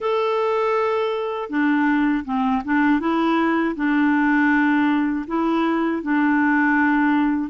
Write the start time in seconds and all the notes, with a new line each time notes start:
0.00 A4
1.49 D4
2.24 C4
2.65 D4
3.00 E4
3.75 D4
5.27 E4
6.02 D4